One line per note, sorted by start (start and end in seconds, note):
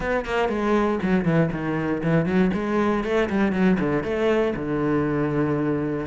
0.00 0.25 B3
0.25 0.49 A#3
0.49 0.99 G#3
1.02 1.24 F#3
1.24 1.50 E3
1.51 2.02 D#3
2.03 2.25 E3
2.25 2.50 F#3
2.53 3.04 G#3
3.04 3.29 A3
3.29 3.52 G3
3.52 3.77 F#3
3.79 4.03 D3
4.03 4.54 A3
4.55 6.06 D3